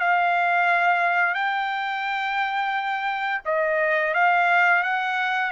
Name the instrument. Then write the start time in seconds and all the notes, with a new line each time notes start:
trumpet
0.00 F5
1.34 G5
3.45 D#5
4.14 F5
4.83 F#5